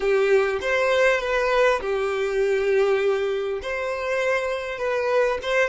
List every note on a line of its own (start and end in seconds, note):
0.00 0.59 G4
0.61 1.20 C5
1.20 1.80 B4
1.80 3.60 G4
3.62 4.78 C5
4.78 5.38 B4
5.42 5.69 C5